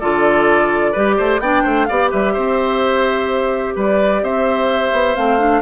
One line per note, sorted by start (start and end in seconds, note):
0.00 0.96 D3
0.00 0.95 F4
0.00 0.92 A4
0.00 1.41 D5
0.92 1.19 G3
0.92 1.42 G4
0.92 1.16 B4
1.18 1.40 A3
1.18 1.41 C5
1.40 1.63 B3
1.40 1.89 D4
1.40 1.63 D5
1.40 1.85 G5
1.63 1.89 A3
1.63 1.87 C5
1.85 2.13 B3
1.85 5.16 G4
1.85 2.11 D5
1.85 2.09 F5
2.11 2.36 G3
2.11 2.33 B4
2.11 3.76 E5
2.33 3.76 C4
2.33 3.74 C5
3.76 4.23 G3
3.76 4.23 B4
3.76 4.24 D5
4.23 4.93 C4
4.23 5.62 C5
4.23 5.16 E5
4.93 5.16 B3
5.16 5.62 A3
5.16 5.39 C4
5.16 5.62 F5
5.39 5.62 D4